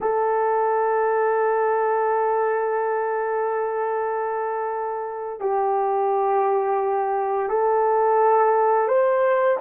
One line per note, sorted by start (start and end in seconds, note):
0.00 5.39 A4
5.39 7.49 G4
7.49 8.88 A4
8.88 9.58 C5